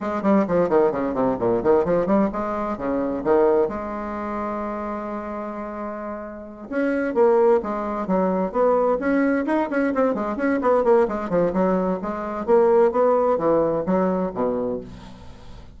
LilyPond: \new Staff \with { instrumentName = "bassoon" } { \time 4/4 \tempo 4 = 130 gis8 g8 f8 dis8 cis8 c8 ais,8 dis8 | f8 g8 gis4 cis4 dis4 | gis1~ | gis2~ gis8 cis'4 ais8~ |
ais8 gis4 fis4 b4 cis'8~ | cis'8 dis'8 cis'8 c'8 gis8 cis'8 b8 ais8 | gis8 f8 fis4 gis4 ais4 | b4 e4 fis4 b,4 | }